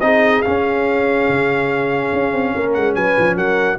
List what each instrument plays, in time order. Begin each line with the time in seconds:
0.00 tuba C4, trombone D#4, horn G#4, trumpet D#5
0.42 trombone C#4, tuba C#4, trumpet F5
1.28 tuba C#3
2.12 tuba C#4
2.33 tuba C4
2.55 tuba A#3, horn A#4
2.73 tuba G#3, trumpet F#5
2.95 tuba F#3, horn B4, trumpet G#5
3.19 tuba F3
3.35 tuba F#3, horn A#4, trumpet F#5